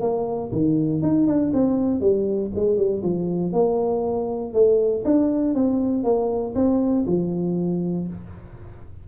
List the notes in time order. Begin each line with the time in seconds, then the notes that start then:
0.00 A#3
0.52 D#3
1.02 D#4
1.27 D4
1.53 C4
2.00 G3
2.55 G#3
2.77 G3
3.03 F3
3.52 A#3
4.53 A3
5.04 D4
5.54 C4
6.03 A#3
6.55 C4
7.06 F3